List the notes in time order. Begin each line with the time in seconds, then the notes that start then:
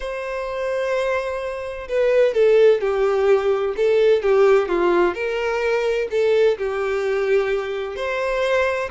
0.00 C5
1.88 B4
2.34 A4
2.80 G4
3.76 A4
4.22 G4
4.68 F4
5.14 A#4
6.10 A4
6.58 G4
7.96 C5